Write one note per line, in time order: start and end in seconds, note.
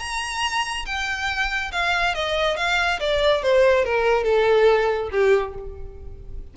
0.00 0.86 A#5
0.86 1.72 G5
1.72 2.15 F5
2.15 2.57 D#5
2.57 3.00 F5
3.00 3.43 D5
3.43 3.85 C5
3.85 4.24 A#4
4.24 5.10 A4
5.12 5.55 G4